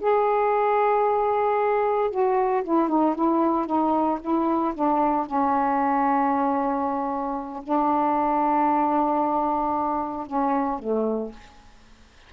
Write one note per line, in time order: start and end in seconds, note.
0.00 2.11 G#4
2.11 2.63 F#4
2.64 2.89 E4
2.89 3.15 D#4
3.15 3.66 E4
3.66 4.19 D#4
4.21 4.74 E4
4.74 5.26 D4
5.26 7.63 C#4
7.63 10.26 D4
10.26 10.79 C#4
10.79 11.32 A3